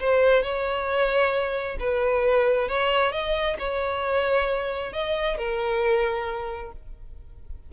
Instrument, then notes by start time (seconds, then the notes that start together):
violin
0.00 C5
0.43 C#5
1.80 B4
2.68 C#5
3.12 D#5
3.59 C#5
4.93 D#5
5.38 A#4